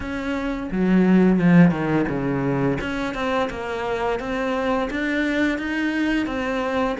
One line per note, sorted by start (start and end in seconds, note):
0.00 0.69 C#4
0.71 1.39 F#3
1.39 1.70 F3
1.70 2.05 D#3
2.08 2.77 C#3
2.81 3.14 C#4
3.14 3.49 C4
3.49 4.19 A#3
4.19 4.89 C4
4.90 5.58 D4
5.58 6.26 D#4
6.26 6.96 C4